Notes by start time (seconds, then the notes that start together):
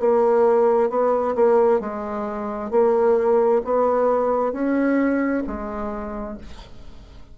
0.00 A#3
0.90 B3
1.36 A#3
1.81 G#3
2.71 A#3
3.65 B3
4.53 C#4
5.47 G#3